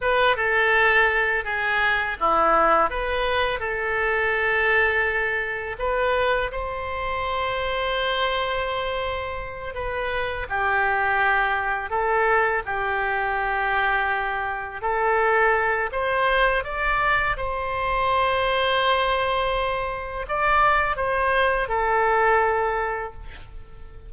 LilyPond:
\new Staff \with { instrumentName = "oboe" } { \time 4/4 \tempo 4 = 83 b'8 a'4. gis'4 e'4 | b'4 a'2. | b'4 c''2.~ | c''4. b'4 g'4.~ |
g'8 a'4 g'2~ g'8~ | g'8 a'4. c''4 d''4 | c''1 | d''4 c''4 a'2 | }